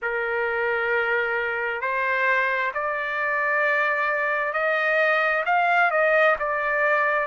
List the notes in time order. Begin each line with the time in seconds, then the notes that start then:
0.02 A#4
1.81 C5
2.74 D5
4.53 D#5
5.45 F5
5.90 D#5
6.39 D5